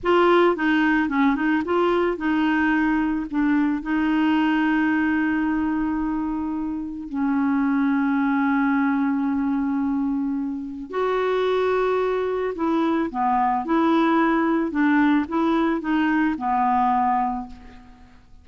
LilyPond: \new Staff \with { instrumentName = "clarinet" } { \time 4/4 \tempo 4 = 110 f'4 dis'4 cis'8 dis'8 f'4 | dis'2 d'4 dis'4~ | dis'1~ | dis'4 cis'2.~ |
cis'1 | fis'2. e'4 | b4 e'2 d'4 | e'4 dis'4 b2 | }